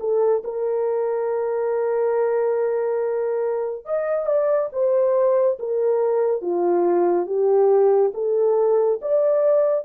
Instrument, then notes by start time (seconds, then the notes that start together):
horn
0.00 A4
0.44 A#4
3.85 D#5
4.26 D5
4.72 C5
5.59 A#4
6.42 F4
7.26 G4
8.14 A4
9.02 D5